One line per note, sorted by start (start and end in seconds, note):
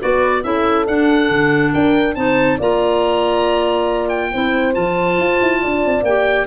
0.00 0.44 B3
0.00 0.43 F#4
0.00 0.45 B4
0.00 0.43 D5
0.43 0.87 C#4
0.43 0.86 E4
0.43 1.72 A4
0.43 0.86 E5
0.87 2.15 D4
0.87 1.29 D4
0.87 1.73 F#5
1.29 1.73 D3
1.72 2.16 D4
1.72 2.16 A#4
1.72 2.15 G5
2.15 2.59 C4
2.15 2.59 D#4
2.15 2.58 C5
2.15 2.58 A5
2.58 4.33 A#3
2.58 4.33 F4
2.58 4.30 D5
2.58 4.09 A#5
4.09 4.74 G5
4.31 4.76 C4
4.31 4.73 E4
4.31 5.61 C5
4.73 5.18 F3
4.73 6.03 F4
4.73 6.04 A5
5.18 5.40 F4
5.42 5.63 E4
5.62 5.85 D4
5.62 6.47 D5
5.85 6.03 C4
6.03 6.46 A#3
6.03 6.47 G4
6.03 6.47 G5